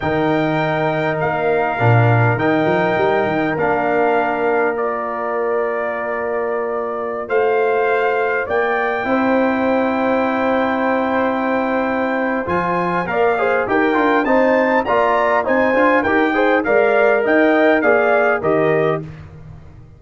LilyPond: <<
  \new Staff \with { instrumentName = "trumpet" } { \time 4/4 \tempo 4 = 101 g''2 f''2 | g''2 f''2 | d''1~ | d''16 f''2 g''4.~ g''16~ |
g''1~ | g''4 gis''4 f''4 g''4 | a''4 ais''4 gis''4 g''4 | f''4 g''4 f''4 dis''4 | }
  \new Staff \with { instrumentName = "horn" } { \time 4/4 ais'1~ | ais'1~ | ais'1~ | ais'16 c''2 d''4 c''8.~ |
c''1~ | c''2 d''8 c''8 ais'4 | c''4 d''4 c''4 ais'8 c''8 | d''4 dis''4 d''4 ais'4 | }
  \new Staff \with { instrumentName = "trombone" } { \time 4/4 dis'2. d'4 | dis'2 d'2 | f'1~ | f'2.~ f'16 e'8.~ |
e'1~ | e'4 f'4 ais'8 gis'8 g'8 f'8 | dis'4 f'4 dis'8 f'8 g'8 gis'8 | ais'2 gis'4 g'4 | }
  \new Staff \with { instrumentName = "tuba" } { \time 4/4 dis2 ais4 ais,4 | dis8 f8 g8 dis8 ais2~ | ais1~ | ais16 a2 ais4 c'8.~ |
c'1~ | c'4 f4 ais4 dis'8 d'8 | c'4 ais4 c'8 d'8 dis'4 | gis4 dis'4 ais4 dis4 | }
>>